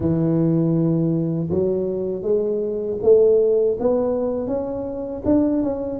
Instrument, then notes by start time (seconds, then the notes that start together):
tuba
0.00 E3
1.50 F#3
2.22 G#3
3.02 A3
3.79 B3
4.47 C#4
5.25 D4
5.62 C#4